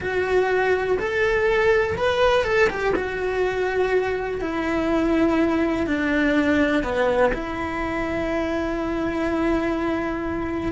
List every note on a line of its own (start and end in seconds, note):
0.00 0.98 F#4
0.98 1.96 A4
1.97 2.43 B4
2.43 2.68 A4
2.69 2.93 G4
2.95 4.41 F#4
4.41 5.86 E4
5.86 6.83 D4
6.83 7.32 B3
7.33 10.72 E4